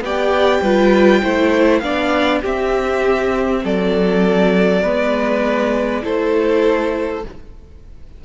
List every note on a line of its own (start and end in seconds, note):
0.00 0.60 B3
0.00 0.64 G4
0.00 0.61 D5
0.00 1.79 G5
0.61 1.22 G3
0.61 1.23 F4
0.61 1.21 B4
1.22 1.81 A3
1.22 1.82 E4
1.22 1.81 C5
1.79 2.41 B3
1.79 2.43 D4
1.79 2.41 D5
1.79 2.39 F5
2.41 4.84 C4
2.41 3.64 C4
2.41 3.61 G4
2.41 3.65 E5
3.64 4.83 F#3
3.64 4.82 A4
3.64 6.04 D5
4.82 6.04 G#3
4.82 6.02 B3
4.82 6.02 B4
6.02 7.24 A3
6.02 7.22 E4
6.02 7.24 A4
6.02 7.25 C5